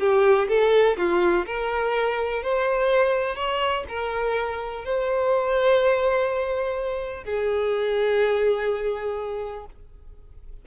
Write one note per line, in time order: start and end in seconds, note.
0.00 0.48 G4
0.49 0.97 A4
0.98 1.46 F4
1.46 2.43 A#4
2.43 3.36 C5
3.36 3.84 C#5
3.89 4.85 A#4
4.85 7.24 C5
7.24 9.66 G#4